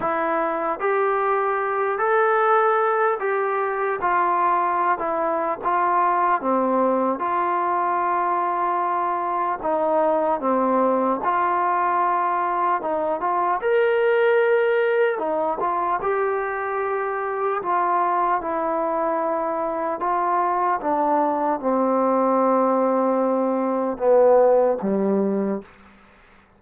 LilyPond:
\new Staff \with { instrumentName = "trombone" } { \time 4/4 \tempo 4 = 75 e'4 g'4. a'4. | g'4 f'4~ f'16 e'8. f'4 | c'4 f'2. | dis'4 c'4 f'2 |
dis'8 f'8 ais'2 dis'8 f'8 | g'2 f'4 e'4~ | e'4 f'4 d'4 c'4~ | c'2 b4 g4 | }